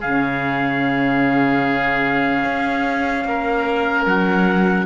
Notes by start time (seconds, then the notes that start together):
0.00 C#3 C#4 G#4 F5
2.44 C#4
3.25 A#3 A#4
4.06 F#3 F#5